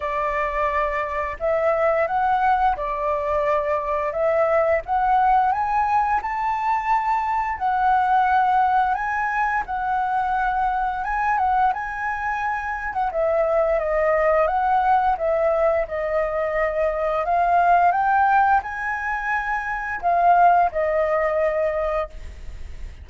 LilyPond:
\new Staff \with { instrumentName = "flute" } { \time 4/4 \tempo 4 = 87 d''2 e''4 fis''4 | d''2 e''4 fis''4 | gis''4 a''2 fis''4~ | fis''4 gis''4 fis''2 |
gis''8 fis''8 gis''4.~ gis''16 fis''16 e''4 | dis''4 fis''4 e''4 dis''4~ | dis''4 f''4 g''4 gis''4~ | gis''4 f''4 dis''2 | }